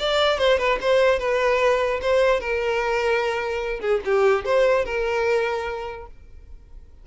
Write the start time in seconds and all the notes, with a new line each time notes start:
0.00 D5
0.39 C5
0.59 B4
0.82 C5
1.20 B4
2.02 C5
2.41 A#4
3.81 G#4
4.05 G4
4.46 C5
4.86 A#4